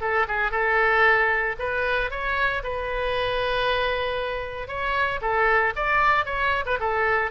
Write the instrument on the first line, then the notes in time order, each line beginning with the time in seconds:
oboe
0.00 A4
0.27 G#4
0.51 A4
1.59 B4
2.10 C#5
2.63 B4
4.67 C#5
5.21 A4
5.75 D5
6.25 C#5
6.65 B4
6.79 A4